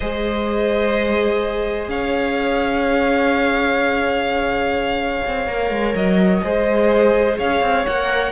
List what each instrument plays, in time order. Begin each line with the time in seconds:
0.00 cello G#3, viola G#4, violin C5 D#5
1.88 cello C#4, violin C#5 F5
5.27 cello C4
5.47 cello A#3, viola A#4
5.70 cello G#3
5.95 cello F#3, violin D#5
6.41 cello G#3, viola G#4, violin C5
7.37 cello C#4, violin C#5 F5
7.61 cello C4
7.86 cello A#3, viola A#4, violin F#5